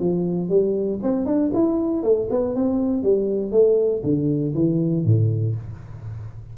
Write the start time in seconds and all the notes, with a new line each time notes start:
0.00 F3
0.49 G3
1.03 C4
1.26 D4
1.54 E4
2.03 A3
2.30 B3
2.55 C4
3.03 G3
3.51 A3
4.04 D3
4.54 E3
5.05 A2